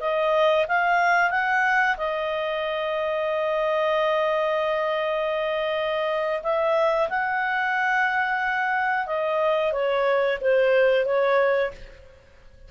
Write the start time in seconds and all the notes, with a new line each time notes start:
0.00 D#5
0.68 F5
1.30 F#5
1.97 D#5
6.43 E5
7.09 F#5
9.07 D#5
9.73 C#5
10.41 C5
11.05 C#5